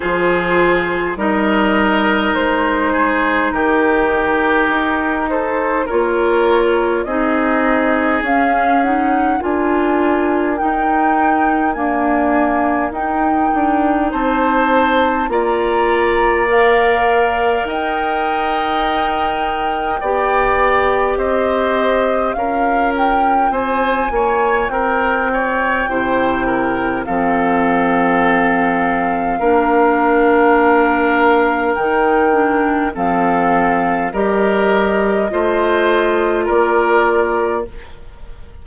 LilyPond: <<
  \new Staff \with { instrumentName = "flute" } { \time 4/4 \tempo 4 = 51 c''4 dis''4 c''4 ais'4~ | ais'8 c''8 cis''4 dis''4 f''8 fis''8 | gis''4 g''4 gis''4 g''4 | a''4 ais''4 f''4 g''4~ |
g''2 dis''4 f''8 g''8 | gis''4 g''2 f''4~ | f''2. g''4 | f''4 dis''2 d''4 | }
  \new Staff \with { instrumentName = "oboe" } { \time 4/4 gis'4 ais'4. gis'8 g'4~ | g'8 a'8 ais'4 gis'2 | ais'1 | c''4 d''2 dis''4~ |
dis''4 d''4 c''4 ais'4 | c''8 cis''8 ais'8 cis''8 c''8 ais'8 a'4~ | a'4 ais'2. | a'4 ais'4 c''4 ais'4 | }
  \new Staff \with { instrumentName = "clarinet" } { \time 4/4 f'4 dis'2.~ | dis'4 f'4 dis'4 cis'8 dis'8 | f'4 dis'4 ais4 dis'4~ | dis'4 f'4 ais'2~ |
ais'4 g'2 f'4~ | f'2 e'4 c'4~ | c'4 d'2 dis'8 d'8 | c'4 g'4 f'2 | }
  \new Staff \with { instrumentName = "bassoon" } { \time 4/4 f4 g4 gis4 dis4 | dis'4 ais4 c'4 cis'4 | d'4 dis'4 d'4 dis'8 d'8 | c'4 ais2 dis'4~ |
dis'4 b4 c'4 cis'4 | c'8 ais8 c'4 c4 f4~ | f4 ais2 dis4 | f4 g4 a4 ais4 | }
>>